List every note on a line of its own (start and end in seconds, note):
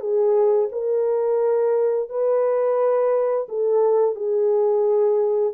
0.00 0.69 G#4
0.71 2.09 A#4
2.09 3.47 B4
3.49 4.15 A4
4.15 5.53 G#4